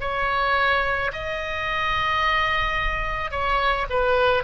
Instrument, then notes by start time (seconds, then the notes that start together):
oboe
0.00 C#5
1.12 D#5
3.30 C#5
3.89 B4